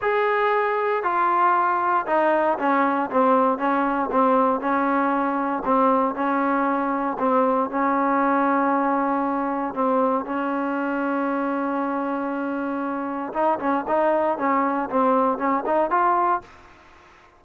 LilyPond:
\new Staff \with { instrumentName = "trombone" } { \time 4/4 \tempo 4 = 117 gis'2 f'2 | dis'4 cis'4 c'4 cis'4 | c'4 cis'2 c'4 | cis'2 c'4 cis'4~ |
cis'2. c'4 | cis'1~ | cis'2 dis'8 cis'8 dis'4 | cis'4 c'4 cis'8 dis'8 f'4 | }